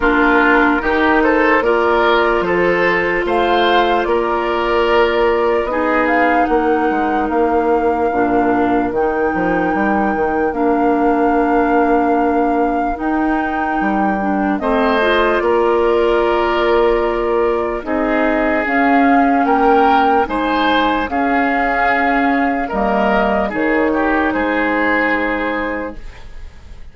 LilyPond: <<
  \new Staff \with { instrumentName = "flute" } { \time 4/4 \tempo 4 = 74 ais'4. c''8 d''4 c''4 | f''4 d''2 dis''8 f''8 | fis''4 f''2 g''4~ | g''4 f''2. |
g''2 dis''4 d''4~ | d''2 dis''4 f''4 | g''4 gis''4 f''2 | dis''4 cis''4 c''2 | }
  \new Staff \with { instrumentName = "oboe" } { \time 4/4 f'4 g'8 a'8 ais'4 a'4 | c''4 ais'2 gis'4 | ais'1~ | ais'1~ |
ais'2 c''4 ais'4~ | ais'2 gis'2 | ais'4 c''4 gis'2 | ais'4 gis'8 g'8 gis'2 | }
  \new Staff \with { instrumentName = "clarinet" } { \time 4/4 d'4 dis'4 f'2~ | f'2. dis'4~ | dis'2 d'4 dis'4~ | dis'4 d'2. |
dis'4. d'8 c'8 f'4.~ | f'2 dis'4 cis'4~ | cis'4 dis'4 cis'2 | ais4 dis'2. | }
  \new Staff \with { instrumentName = "bassoon" } { \time 4/4 ais4 dis4 ais4 f4 | a4 ais2 b4 | ais8 gis8 ais4 ais,4 dis8 f8 | g8 dis8 ais2. |
dis'4 g4 a4 ais4~ | ais2 c'4 cis'4 | ais4 gis4 cis'2 | g4 dis4 gis2 | }
>>